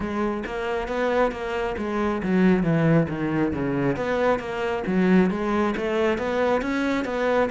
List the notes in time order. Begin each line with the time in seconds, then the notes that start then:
0.00 G#3
0.46 A#3
0.87 B3
1.31 A#3
1.77 G#3
2.23 F#3
2.63 E3
3.08 D#3
3.53 C#3
3.96 B3
4.39 A#3
4.86 F#3
5.30 G#3
5.76 A3
6.18 B3
6.61 C#4
7.05 B3